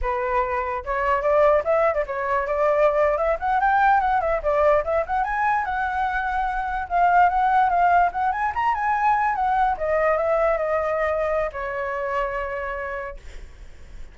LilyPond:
\new Staff \with { instrumentName = "flute" } { \time 4/4 \tempo 4 = 146 b'2 cis''4 d''4 | e''8. d''16 cis''4 d''4.~ d''16 e''16~ | e''16 fis''8 g''4 fis''8 e''8 d''4 e''16~ | e''16 fis''8 gis''4 fis''2~ fis''16~ |
fis''8. f''4 fis''4 f''4 fis''16~ | fis''16 gis''8 ais''8 gis''4. fis''4 dis''16~ | dis''8. e''4 dis''2~ dis''16 | cis''1 | }